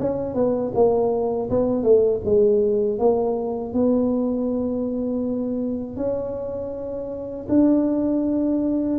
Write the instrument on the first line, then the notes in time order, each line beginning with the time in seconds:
tuba
0.00 C#4
0.35 B3
0.75 A#3
1.50 B3
1.83 A3
2.25 G#3
2.99 A#3
3.74 B3
5.97 C#4
7.49 D4